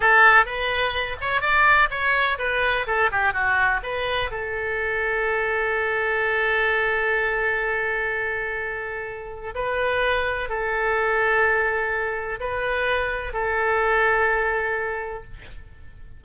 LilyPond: \new Staff \with { instrumentName = "oboe" } { \time 4/4 \tempo 4 = 126 a'4 b'4. cis''8 d''4 | cis''4 b'4 a'8 g'8 fis'4 | b'4 a'2.~ | a'1~ |
a'1 | b'2 a'2~ | a'2 b'2 | a'1 | }